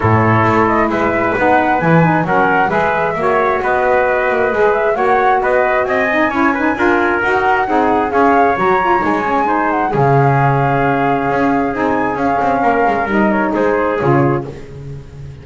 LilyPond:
<<
  \new Staff \with { instrumentName = "flute" } { \time 4/4 \tempo 4 = 133 cis''4. dis''8 e''4 fis''4 | gis''4 fis''4 e''2 | dis''2~ dis''8 e''8 fis''4 | dis''4 gis''2. |
fis''2 f''4 ais''4 | gis''4. fis''8 f''2~ | f''2 gis''4 f''4~ | f''4 dis''8 cis''8 c''4 cis''4 | }
  \new Staff \with { instrumentName = "trumpet" } { \time 4/4 a'2 b'2~ | b'4 ais'4 b'4 cis''4 | b'2. cis''4 | b'4 dis''4 cis''8 b'8 ais'4~ |
ais'4 gis'4 cis''2~ | cis''4 c''4 gis'2~ | gis'1 | ais'2 gis'2 | }
  \new Staff \with { instrumentName = "saxophone" } { \time 4/4 e'2. dis'4 | e'8 dis'8 cis'4 gis'4 fis'4~ | fis'2 gis'4 fis'4~ | fis'4. dis'8 e'8 dis'8 f'4 |
fis'4 dis'4 gis'4 fis'8 f'8 | dis'8 cis'8 dis'4 cis'2~ | cis'2 dis'4 cis'4~ | cis'4 dis'2 f'4 | }
  \new Staff \with { instrumentName = "double bass" } { \time 4/4 a,4 a4 gis4 b4 | e4 fis4 gis4 ais4 | b4. ais8 gis4 ais4 | b4 c'4 cis'4 d'4 |
dis'4 c'4 cis'4 fis4 | gis2 cis2~ | cis4 cis'4 c'4 cis'8 c'8 | ais8 gis8 g4 gis4 cis4 | }
>>